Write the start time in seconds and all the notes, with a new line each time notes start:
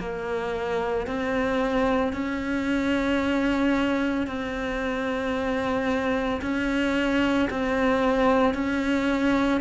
0.00 A#3
1.07 C4
2.13 C#4
4.27 C4
6.42 C#4
7.50 C4
8.54 C#4